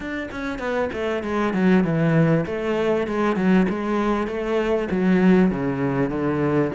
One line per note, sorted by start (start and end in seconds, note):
0.00 0.29 D4
0.31 0.58 C#4
0.58 0.89 B3
0.92 1.23 A3
1.23 1.53 G#3
1.53 1.84 F#3
1.84 2.45 E3
2.46 3.07 A3
3.07 3.36 G#3
3.36 3.66 F#3
3.69 4.27 G#3
4.27 4.88 A3
4.91 5.50 F#3
5.50 6.10 C#3
6.10 6.71 D3